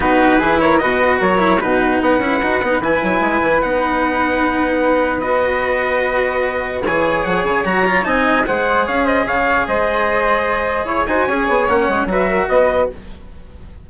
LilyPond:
<<
  \new Staff \with { instrumentName = "trumpet" } { \time 4/4 \tempo 4 = 149 b'4. cis''8 dis''4 cis''4 | b'4 fis''2 gis''4~ | gis''4 fis''2.~ | fis''4 dis''2.~ |
dis''4 gis''4 fis''8 gis''8 ais''4 | gis''4 fis''4 f''8 dis''8 f''4 | dis''2. cis''8 gis''8~ | gis''4 fis''4 e''4 dis''4 | }
  \new Staff \with { instrumentName = "flute" } { \time 4/4 fis'4 gis'8 ais'8 b'4 ais'4 | fis'4 b'2.~ | b'1~ | b'1~ |
b'4 cis''2. | dis''4 c''4 cis''8 c''8 cis''4 | c''2. cis''8 c''8 | cis''2 b'8 ais'8 b'4 | }
  \new Staff \with { instrumentName = "cello" } { \time 4/4 dis'4 e'4 fis'4. e'8 | dis'4. e'8 fis'8 dis'8 e'4~ | e'4 dis'2.~ | dis'4 fis'2.~ |
fis'4 gis'2 fis'8 f'8 | dis'4 gis'2.~ | gis'2.~ gis'8 fis'8 | gis'4 cis'4 fis'2 | }
  \new Staff \with { instrumentName = "bassoon" } { \time 4/4 b4 e4 b,4 fis4 | b,4 b8 cis'8 dis'8 b8 e8 fis8 | gis8 e8 b2.~ | b1~ |
b4 e4 f8 cis8 fis4 | c'4 gis4 cis'4 cis4 | gis2. e'8 dis'8 | cis'8 b8 ais8 gis8 fis4 b4 | }
>>